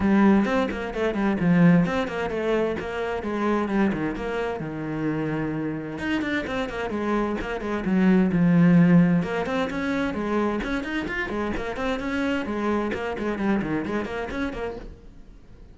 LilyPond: \new Staff \with { instrumentName = "cello" } { \time 4/4 \tempo 4 = 130 g4 c'8 ais8 a8 g8 f4 | c'8 ais8 a4 ais4 gis4 | g8 dis8 ais4 dis2~ | dis4 dis'8 d'8 c'8 ais8 gis4 |
ais8 gis8 fis4 f2 | ais8 c'8 cis'4 gis4 cis'8 dis'8 | f'8 gis8 ais8 c'8 cis'4 gis4 | ais8 gis8 g8 dis8 gis8 ais8 cis'8 ais8 | }